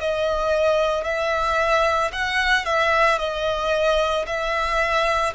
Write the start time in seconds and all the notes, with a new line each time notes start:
0.00 D#5
1.04 E5
2.12 F#5
2.65 E5
3.19 D#5
4.27 E5